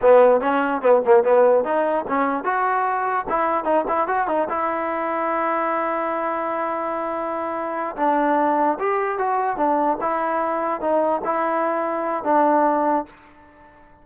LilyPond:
\new Staff \with { instrumentName = "trombone" } { \time 4/4 \tempo 4 = 147 b4 cis'4 b8 ais8 b4 | dis'4 cis'4 fis'2 | e'4 dis'8 e'8 fis'8 dis'8 e'4~ | e'1~ |
e'2.~ e'8 d'8~ | d'4. g'4 fis'4 d'8~ | d'8 e'2 dis'4 e'8~ | e'2 d'2 | }